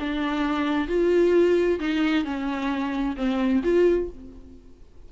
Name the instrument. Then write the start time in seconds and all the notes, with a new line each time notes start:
viola
0.00 D4
0.88 F4
1.80 D#4
2.25 C#4
3.17 C4
3.64 F4